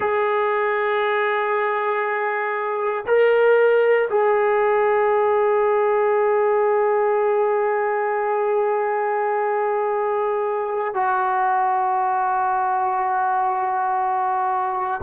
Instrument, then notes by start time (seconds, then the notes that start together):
trombone
0.00 G#4
3.06 A#4
4.09 G#4
10.94 F#4